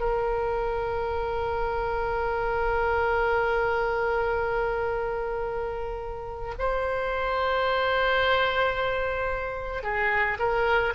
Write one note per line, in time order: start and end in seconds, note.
0.00 6.55 A#4
6.59 9.83 C5
9.83 10.38 G#4
10.39 10.93 A#4